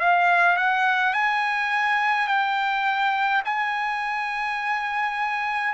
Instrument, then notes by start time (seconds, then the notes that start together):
trumpet
0.00 F5
0.57 F#5
1.14 G#5
2.28 G5
3.45 G#5